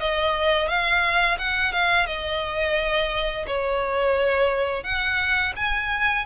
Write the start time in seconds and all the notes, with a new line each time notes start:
0.00 D#5
0.68 F5
1.39 F#5
1.73 F5
2.07 D#5
3.47 C#5
4.84 F#5
5.56 G#5